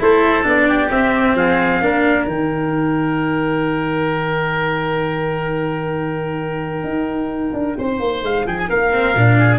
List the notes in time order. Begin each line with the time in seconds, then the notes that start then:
0.00 A3 E4 A4 C5
0.43 B3 D4 D5
0.69 G4
0.91 C4 E5
1.35 F3 G#4 F5
1.81 A#3 D4 A#4
2.27 D#3 D#4 G5
6.84 D#4
7.54 D4
7.79 C4 C5
8.00 A#3
8.23 G#3 F5
8.47 F3 G#4 G5
8.59 G#5
8.69 A#3 A#4 F5
8.93 C4
9.16 A#2 D4
9.39 G#4